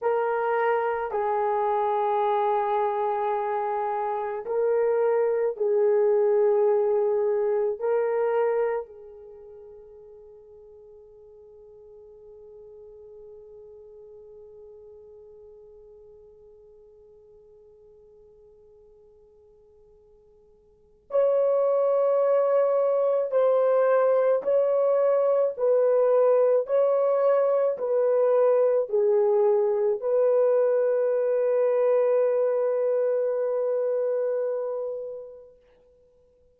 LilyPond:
\new Staff \with { instrumentName = "horn" } { \time 4/4 \tempo 4 = 54 ais'4 gis'2. | ais'4 gis'2 ais'4 | gis'1~ | gis'1~ |
gis'2. cis''4~ | cis''4 c''4 cis''4 b'4 | cis''4 b'4 gis'4 b'4~ | b'1 | }